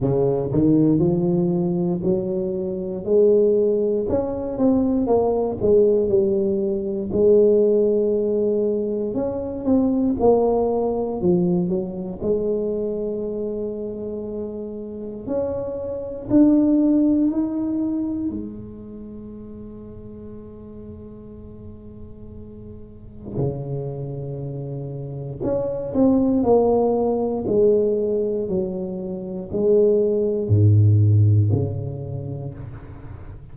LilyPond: \new Staff \with { instrumentName = "tuba" } { \time 4/4 \tempo 4 = 59 cis8 dis8 f4 fis4 gis4 | cis'8 c'8 ais8 gis8 g4 gis4~ | gis4 cis'8 c'8 ais4 f8 fis8 | gis2. cis'4 |
d'4 dis'4 gis2~ | gis2. cis4~ | cis4 cis'8 c'8 ais4 gis4 | fis4 gis4 gis,4 cis4 | }